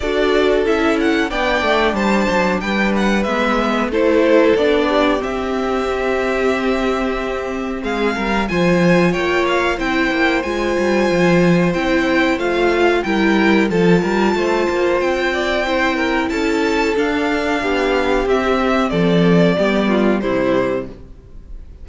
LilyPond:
<<
  \new Staff \with { instrumentName = "violin" } { \time 4/4 \tempo 4 = 92 d''4 e''8 fis''8 g''4 a''4 | g''8 fis''8 e''4 c''4 d''4 | e''1 | f''4 gis''4 g''8 f''8 g''4 |
gis''2 g''4 f''4 | g''4 a''2 g''4~ | g''4 a''4 f''2 | e''4 d''2 c''4 | }
  \new Staff \with { instrumentName = "violin" } { \time 4/4 a'2 d''4 c''4 | b'2 a'4. g'8~ | g'1 | gis'8 ais'8 c''4 cis''4 c''4~ |
c''1 | ais'4 a'8 ais'8 c''4. d''8 | c''8 ais'8 a'2 g'4~ | g'4 a'4 g'8 f'8 e'4 | }
  \new Staff \with { instrumentName = "viola" } { \time 4/4 fis'4 e'4 d'2~ | d'4 b4 e'4 d'4 | c'1~ | c'4 f'2 e'4 |
f'2 e'4 f'4 | e'4 f'2. | e'2 d'2 | c'2 b4 g4 | }
  \new Staff \with { instrumentName = "cello" } { \time 4/4 d'4 cis'4 b8 a8 g8 fis8 | g4 gis4 a4 b4 | c'1 | gis8 g8 f4 ais4 c'8 ais8 |
gis8 g8 f4 c'4 a4 | g4 f8 g8 a8 ais8 c'4~ | c'4 cis'4 d'4 b4 | c'4 f4 g4 c4 | }
>>